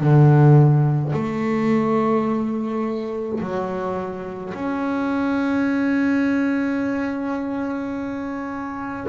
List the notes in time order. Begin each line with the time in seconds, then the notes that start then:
0.00 D3
1.13 A3
3.40 F#3
4.54 C#4